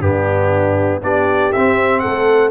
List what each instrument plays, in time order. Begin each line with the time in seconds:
0.00 tuba G2, trombone B3, horn D4, trumpet G4
1.02 tuba B3, trombone D4, horn G4, trumpet D5
1.52 tuba C4, trombone C4, trumpet E5
1.99 tuba A3, horn A4, trumpet F#5